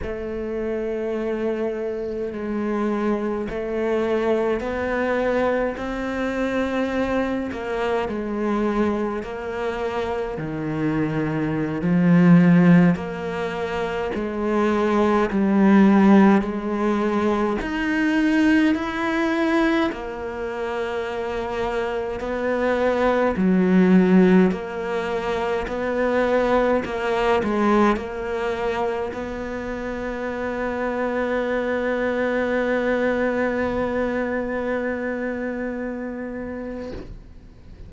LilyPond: \new Staff \with { instrumentName = "cello" } { \time 4/4 \tempo 4 = 52 a2 gis4 a4 | b4 c'4. ais8 gis4 | ais4 dis4~ dis16 f4 ais8.~ | ais16 gis4 g4 gis4 dis'8.~ |
dis'16 e'4 ais2 b8.~ | b16 fis4 ais4 b4 ais8 gis16~ | gis16 ais4 b2~ b8.~ | b1 | }